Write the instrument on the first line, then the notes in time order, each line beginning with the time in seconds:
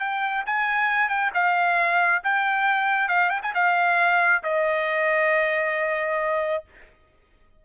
trumpet
0.00 G5
0.46 G#5
1.09 G5
1.34 F5
2.24 G5
3.09 F5
3.30 G5
3.43 G#5
3.55 F5
4.43 D#5